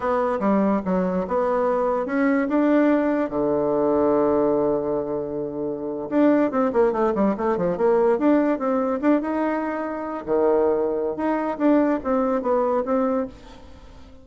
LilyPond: \new Staff \with { instrumentName = "bassoon" } { \time 4/4 \tempo 4 = 145 b4 g4 fis4 b4~ | b4 cis'4 d'2 | d1~ | d2~ d8. d'4 c'16~ |
c'16 ais8 a8 g8 a8 f8 ais4 d'16~ | d'8. c'4 d'8 dis'4.~ dis'16~ | dis'8. dis2~ dis16 dis'4 | d'4 c'4 b4 c'4 | }